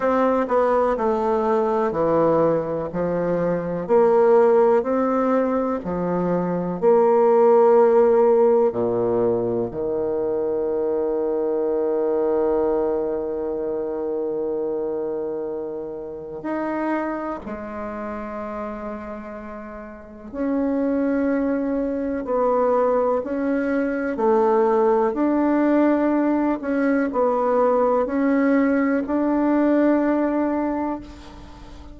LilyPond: \new Staff \with { instrumentName = "bassoon" } { \time 4/4 \tempo 4 = 62 c'8 b8 a4 e4 f4 | ais4 c'4 f4 ais4~ | ais4 ais,4 dis2~ | dis1~ |
dis4 dis'4 gis2~ | gis4 cis'2 b4 | cis'4 a4 d'4. cis'8 | b4 cis'4 d'2 | }